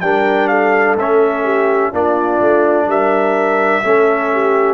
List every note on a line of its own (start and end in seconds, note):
0.00 0.95 G3
0.00 0.97 D4
0.00 0.49 A#4
0.00 0.47 G5
0.47 1.43 A4
0.47 0.95 F5
0.95 1.90 A3
0.95 1.93 C#4
0.95 1.94 E5
1.43 1.91 G4
1.91 2.40 A#3
1.91 3.83 D4
1.91 2.87 F4
1.91 2.90 D5
2.40 2.87 A3
2.87 3.82 G3
2.87 3.84 A#4
2.87 4.74 E5
3.83 4.74 A3
3.83 4.74 C#4
3.83 4.33 A4
4.33 4.74 G4